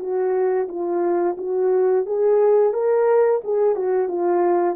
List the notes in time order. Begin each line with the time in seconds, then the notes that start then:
0.00 F#4
0.69 F4
1.38 F#4
2.07 G#4
2.74 A#4
3.44 G#4
3.76 F#4
4.09 F4